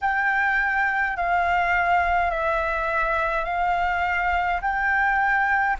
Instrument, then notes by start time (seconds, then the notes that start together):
flute
0.01 G5
1.16 F5
2.31 E5
3.45 F5
4.61 G5